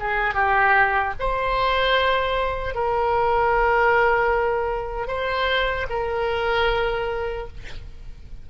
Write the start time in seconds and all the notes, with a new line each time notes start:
0.00 G#4
0.34 G4
1.19 C5
2.75 A#4
5.08 C5
5.90 A#4